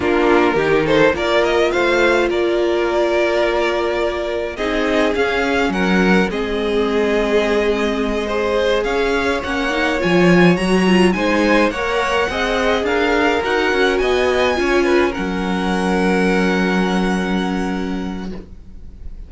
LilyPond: <<
  \new Staff \with { instrumentName = "violin" } { \time 4/4 \tempo 4 = 105 ais'4. c''8 d''8 dis''8 f''4 | d''1 | dis''4 f''4 fis''4 dis''4~ | dis''2.~ dis''8 f''8~ |
f''8 fis''4 gis''4 ais''4 gis''8~ | gis''8 fis''2 f''4 fis''8~ | fis''8 gis''2 fis''4.~ | fis''1 | }
  \new Staff \with { instrumentName = "violin" } { \time 4/4 f'4 g'8 a'8 ais'4 c''4 | ais'1 | gis'2 ais'4 gis'4~ | gis'2~ gis'8 c''4 cis''8~ |
cis''2.~ cis''8 c''8~ | c''8 cis''4 dis''4 ais'4.~ | ais'8 dis''4 cis''8 b'8 ais'4.~ | ais'1 | }
  \new Staff \with { instrumentName = "viola" } { \time 4/4 d'4 dis'4 f'2~ | f'1 | dis'4 cis'2 c'4~ | c'2~ c'8 gis'4.~ |
gis'8 cis'8 dis'8 f'4 fis'8 f'8 dis'8~ | dis'8 ais'4 gis'2 fis'8~ | fis'4. f'4 cis'4.~ | cis'1 | }
  \new Staff \with { instrumentName = "cello" } { \time 4/4 ais4 dis4 ais4 a4 | ais1 | c'4 cis'4 fis4 gis4~ | gis2.~ gis8 cis'8~ |
cis'8 ais4 f4 fis4 gis8~ | gis8 ais4 c'4 d'4 dis'8 | cis'8 b4 cis'4 fis4.~ | fis1 | }
>>